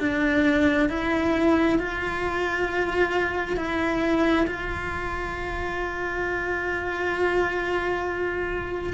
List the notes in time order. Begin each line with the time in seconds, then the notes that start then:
0.00 D4
0.89 E4
1.79 F4
3.57 E4
4.47 F4